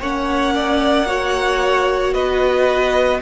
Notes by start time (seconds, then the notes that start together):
0.00 A#3 C#4 C#5 F#5
0.55 D5
1.06 F#4 C#5
2.14 B3 B4 D#5